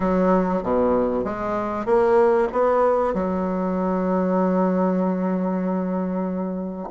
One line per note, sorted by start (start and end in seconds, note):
0.00 0.62 F#3
0.62 1.24 B2
1.24 1.85 G#3
1.85 2.48 A#3
2.52 3.14 B3
3.14 6.89 F#3